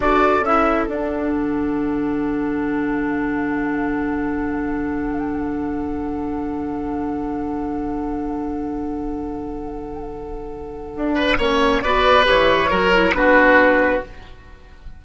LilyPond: <<
  \new Staff \with { instrumentName = "flute" } { \time 4/4 \tempo 4 = 137 d''4 e''4 fis''2~ | fis''1~ | fis''1~ | fis''1~ |
fis''1~ | fis''1~ | fis''2. d''4 | cis''2 b'2 | }
  \new Staff \with { instrumentName = "oboe" } { \time 4/4 a'1~ | a'1~ | a'1~ | a'1~ |
a'1~ | a'1~ | a'4. b'8 cis''4 b'4~ | b'4 ais'4 fis'2 | }
  \new Staff \with { instrumentName = "clarinet" } { \time 4/4 fis'4 e'4 d'2~ | d'1~ | d'1~ | d'1~ |
d'1~ | d'1~ | d'2 cis'4 fis'4 | g'4 fis'8 e'8 d'2 | }
  \new Staff \with { instrumentName = "bassoon" } { \time 4/4 d'4 cis'4 d'4 d4~ | d1~ | d1~ | d1~ |
d1~ | d1~ | d4 d'4 ais4 b4 | e4 fis4 b2 | }
>>